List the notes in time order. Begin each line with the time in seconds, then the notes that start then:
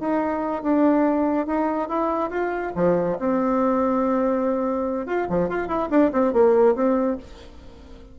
0.00 D#4
0.63 D4
1.47 D#4
1.89 E4
2.30 F4
2.76 F3
3.19 C4
5.06 F4
5.30 F3
5.49 F4
5.68 E4
5.91 D4
6.12 C4
6.33 A#3
6.75 C4